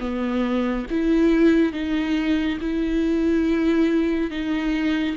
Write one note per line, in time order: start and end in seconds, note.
0.00 0.86 B3
0.90 1.73 E4
1.73 2.58 D#4
2.61 4.31 E4
4.31 5.16 D#4